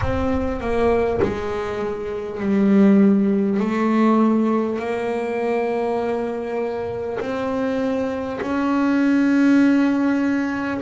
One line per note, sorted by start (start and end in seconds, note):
0.01 0.60 C4
0.60 1.20 A#3
1.22 2.39 G#3
2.39 3.59 G3
3.59 4.79 A3
4.79 7.19 A#3
7.20 8.40 C4
8.41 10.81 C#4